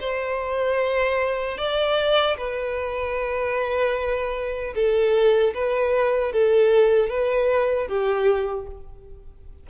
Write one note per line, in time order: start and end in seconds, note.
0.00 1.58 C5
1.58 2.36 D5
2.37 4.74 B4
4.75 5.54 A4
5.54 6.32 B4
6.32 7.09 A4
7.09 7.88 B4
7.88 8.67 G4